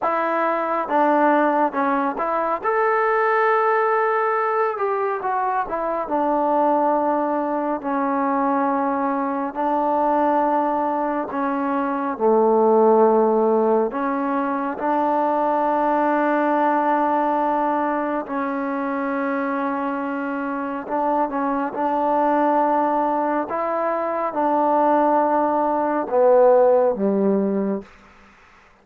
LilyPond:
\new Staff \with { instrumentName = "trombone" } { \time 4/4 \tempo 4 = 69 e'4 d'4 cis'8 e'8 a'4~ | a'4. g'8 fis'8 e'8 d'4~ | d'4 cis'2 d'4~ | d'4 cis'4 a2 |
cis'4 d'2.~ | d'4 cis'2. | d'8 cis'8 d'2 e'4 | d'2 b4 g4 | }